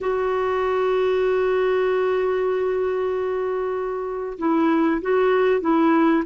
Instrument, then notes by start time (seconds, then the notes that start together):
clarinet
0.00 F#4
4.38 E4
5.01 F#4
5.61 E4